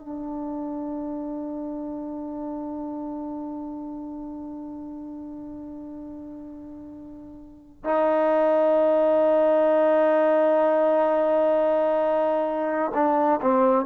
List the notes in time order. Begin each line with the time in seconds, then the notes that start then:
0.00 D4
7.84 D#4
12.94 D4
13.41 C4